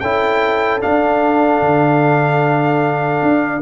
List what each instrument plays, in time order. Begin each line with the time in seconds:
0.00 tuba C#4, trombone E4, horn A4, trumpet G5
0.80 trombone D4, tuba D4, trumpet F5
1.61 tuba D3
3.23 tuba D4